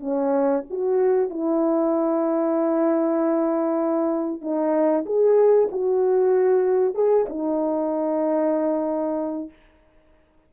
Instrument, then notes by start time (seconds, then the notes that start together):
horn
0.00 C#4
0.70 F#4
1.30 E4
4.42 D#4
5.06 G#4
5.72 F#4
6.95 G#4
7.29 D#4